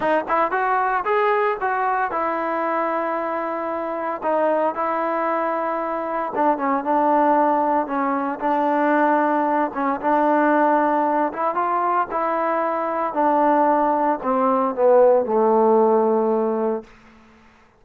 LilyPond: \new Staff \with { instrumentName = "trombone" } { \time 4/4 \tempo 4 = 114 dis'8 e'8 fis'4 gis'4 fis'4 | e'1 | dis'4 e'2. | d'8 cis'8 d'2 cis'4 |
d'2~ d'8 cis'8 d'4~ | d'4. e'8 f'4 e'4~ | e'4 d'2 c'4 | b4 a2. | }